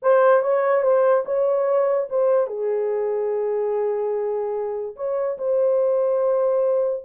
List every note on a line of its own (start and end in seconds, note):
0.02 0.42 C5
0.42 0.82 C#5
0.82 1.23 C5
1.25 2.08 C#5
2.09 2.47 C5
2.47 4.95 G#4
4.96 5.37 C#5
5.38 7.03 C5